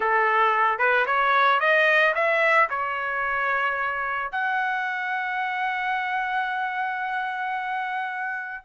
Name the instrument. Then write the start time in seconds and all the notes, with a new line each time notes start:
trumpet
0.00 A4
0.78 B4
1.05 C#5
1.59 D#5
2.14 E5
2.69 C#5
4.31 F#5